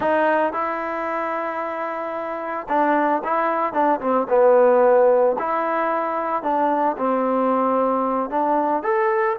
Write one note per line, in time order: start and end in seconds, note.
0.00 0.52 D#4
0.52 2.67 E4
2.68 3.22 D4
3.24 3.73 E4
3.73 4.00 D4
4.00 4.27 C4
4.29 5.36 B3
5.38 6.42 E4
6.42 6.96 D4
6.97 8.30 C4
8.30 8.83 D4
8.83 9.36 A4